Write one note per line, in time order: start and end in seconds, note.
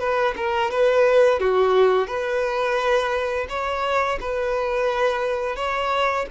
0.00 0.35 B4
0.37 0.72 A#4
0.72 1.40 B4
1.40 2.08 F#4
2.08 3.47 B4
3.50 4.20 C#5
4.21 5.57 B4
5.57 6.26 C#5